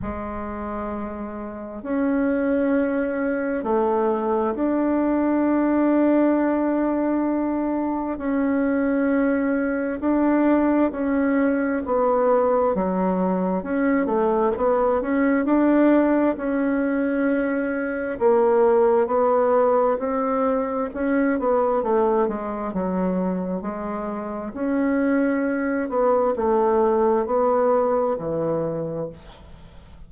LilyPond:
\new Staff \with { instrumentName = "bassoon" } { \time 4/4 \tempo 4 = 66 gis2 cis'2 | a4 d'2.~ | d'4 cis'2 d'4 | cis'4 b4 fis4 cis'8 a8 |
b8 cis'8 d'4 cis'2 | ais4 b4 c'4 cis'8 b8 | a8 gis8 fis4 gis4 cis'4~ | cis'8 b8 a4 b4 e4 | }